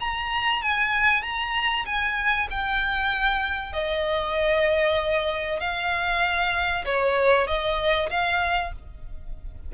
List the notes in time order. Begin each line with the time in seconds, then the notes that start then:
0.00 A#5
0.62 G#5
1.22 A#5
1.86 G#5
2.51 G5
3.73 D#5
5.60 F5
6.85 C#5
7.47 D#5
8.10 F5